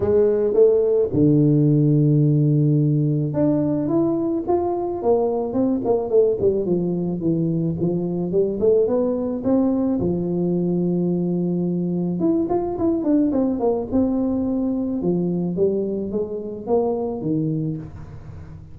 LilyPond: \new Staff \with { instrumentName = "tuba" } { \time 4/4 \tempo 4 = 108 gis4 a4 d2~ | d2 d'4 e'4 | f'4 ais4 c'8 ais8 a8 g8 | f4 e4 f4 g8 a8 |
b4 c'4 f2~ | f2 e'8 f'8 e'8 d'8 | c'8 ais8 c'2 f4 | g4 gis4 ais4 dis4 | }